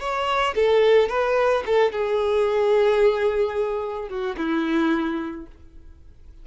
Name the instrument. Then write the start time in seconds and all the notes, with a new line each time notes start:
violin
0.00 C#5
0.55 A4
1.09 B4
1.66 A4
1.92 G#4
4.09 F#4
4.37 E4